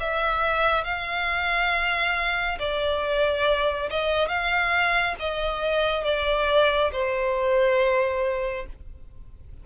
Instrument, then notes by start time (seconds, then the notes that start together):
violin
0.00 E5
0.84 F5
2.59 D5
3.90 D#5
4.28 F5
5.19 D#5
6.04 D5
6.92 C5